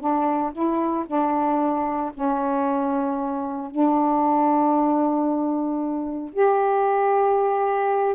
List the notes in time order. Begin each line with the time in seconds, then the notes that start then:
0.00 D4
0.53 E4
1.07 D4
2.14 C#4
3.71 D4
6.33 G4